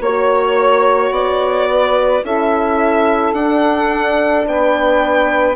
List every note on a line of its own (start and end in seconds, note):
0.00 1.11 A#3
0.00 2.24 F#4
0.00 1.13 C#5
0.00 1.69 C#5
1.11 2.22 B3
1.11 2.24 D5
1.70 2.25 B4
2.24 3.34 C#4
2.24 3.34 E4
2.24 4.46 A4
2.24 3.34 E5
3.34 4.45 D4
3.34 5.56 D4
3.34 4.45 F#5
4.46 5.56 B3
4.46 5.56 B4
4.46 5.56 G5